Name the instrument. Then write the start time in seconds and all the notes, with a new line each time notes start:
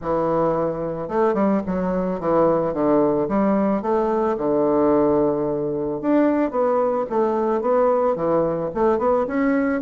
bassoon
0.01 E3
1.08 A3
1.34 G3
1.66 F#3
2.19 E3
2.73 D3
3.28 G3
3.82 A3
4.37 D3
6.01 D4
6.50 B3
7.09 A3
7.61 B3
8.15 E3
8.74 A3
8.98 B3
9.27 C#4